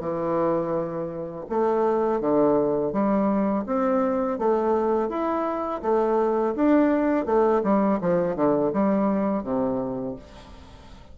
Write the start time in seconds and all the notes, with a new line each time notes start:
0.00 E3
1.49 A3
2.20 D3
2.92 G3
3.66 C4
4.38 A3
5.09 E4
5.82 A3
6.55 D4
7.25 A3
7.63 G3
8.01 F3
8.36 D3
8.72 G3
9.43 C3